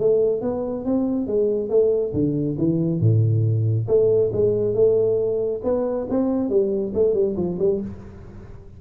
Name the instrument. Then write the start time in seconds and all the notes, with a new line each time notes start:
tuba
0.00 A3
0.42 B3
0.85 C4
1.27 G#3
1.70 A3
2.14 D3
2.58 E3
3.00 A2
3.88 A3
4.33 G#3
4.74 A3
5.64 B3
6.10 C4
6.49 G3
6.94 A3
7.14 G3
7.37 F3
7.59 G3